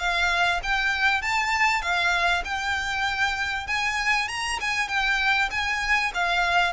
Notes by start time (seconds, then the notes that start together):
0.00 F5
0.63 G5
1.22 A5
1.82 F5
2.45 G5
3.67 G#5
4.29 A#5
4.61 G#5
4.89 G5
5.51 G#5
6.14 F5